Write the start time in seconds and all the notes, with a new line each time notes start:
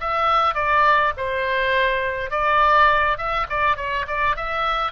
0.00 E5
0.55 D5
1.17 C5
2.31 D5
3.17 E5
3.49 D5
3.76 C#5
4.08 D5
4.36 E5